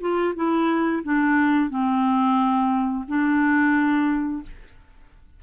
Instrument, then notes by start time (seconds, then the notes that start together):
clarinet
0.00 F4
0.35 E4
1.03 D4
1.69 C4
3.07 D4